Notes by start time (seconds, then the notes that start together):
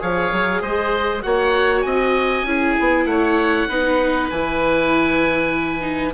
0.00 F3 G#4 C#5 F5
0.32 F#3
0.62 G#3 C5 D#5
1.23 A#3 F#4 C#5 F#5
1.82 C4 D#5 G#5
2.44 C#4 E4 G#4
2.80 B3
3.05 A3 C#5 F#5
3.69 B3 D#4 B4
4.30 E3 E4 G#5
5.81 D#4